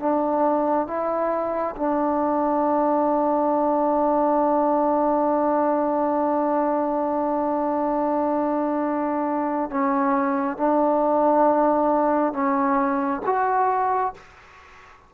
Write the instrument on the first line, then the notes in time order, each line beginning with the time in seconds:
trombone
0.00 D4
0.87 E4
1.76 D4
9.71 C#4
10.58 D4
12.33 C#4
13.26 F#4